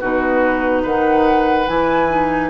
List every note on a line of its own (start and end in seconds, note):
0.00 0.84 B2
0.00 1.68 D#4
0.00 0.83 F#4
0.00 0.85 B4
0.83 1.67 D#3
0.83 2.49 B4
0.83 1.68 F#5
1.68 2.50 E3
1.68 2.10 E4
1.68 2.50 G#5
2.10 2.50 D#4